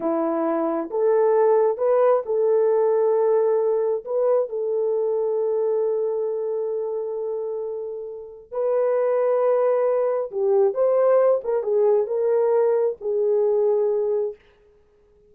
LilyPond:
\new Staff \with { instrumentName = "horn" } { \time 4/4 \tempo 4 = 134 e'2 a'2 | b'4 a'2.~ | a'4 b'4 a'2~ | a'1~ |
a'2. b'4~ | b'2. g'4 | c''4. ais'8 gis'4 ais'4~ | ais'4 gis'2. | }